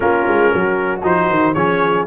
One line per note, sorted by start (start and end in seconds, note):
0.00 0.26 A#3
0.00 1.01 C#4
0.00 0.52 F4
0.00 1.01 A#4
0.27 0.53 G#3
0.52 1.03 F#3
0.52 1.54 F#4
1.03 1.29 F3
1.03 1.54 D#4
1.03 1.53 C5
1.29 1.55 D#3
1.53 2.06 F3
1.53 2.06 C#4
1.53 2.06 G#4
1.53 2.05 C#5